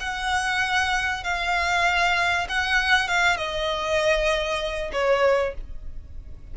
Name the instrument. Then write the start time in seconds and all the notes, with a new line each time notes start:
violin
0.00 F#5
1.23 F5
2.49 F#5
3.08 F5
3.37 D#5
4.92 C#5